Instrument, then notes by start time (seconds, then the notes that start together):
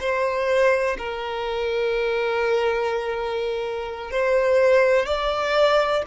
violin
0.00 C5
0.98 A#4
4.11 C5
5.06 D5